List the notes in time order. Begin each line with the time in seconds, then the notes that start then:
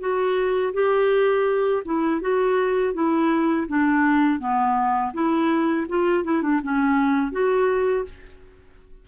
0.00 F#4
0.74 G4
1.85 E4
2.21 F#4
2.94 E4
3.68 D4
4.39 B3
5.13 E4
5.88 F4
6.24 E4
6.42 D4
6.63 C#4
7.32 F#4